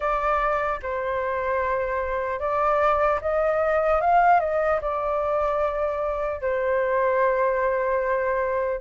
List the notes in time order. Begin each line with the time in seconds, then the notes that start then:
0.00 D5
0.82 C5
2.39 D5
3.21 D#5
4.00 F5
4.40 D#5
4.81 D5
6.41 C5